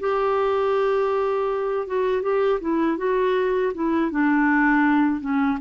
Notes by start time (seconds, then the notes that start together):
0.00 G4
1.87 F#4
2.22 G4
2.61 E4
2.98 F#4
3.74 E4
4.11 D4
5.21 C#4